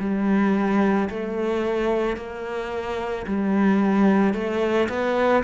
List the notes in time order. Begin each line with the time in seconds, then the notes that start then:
0.00 G3
1.10 A3
2.17 A#3
3.26 G3
4.34 A3
4.89 B3